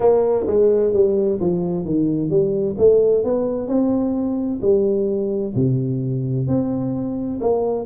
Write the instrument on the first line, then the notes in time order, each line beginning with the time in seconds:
tuba
0.00 A#3
0.47 G#3
0.93 G3
1.40 F3
1.85 D#3
2.30 G3
2.78 A3
3.23 B3
3.67 C4
4.61 G3
5.55 C3
6.47 C4
7.41 A#3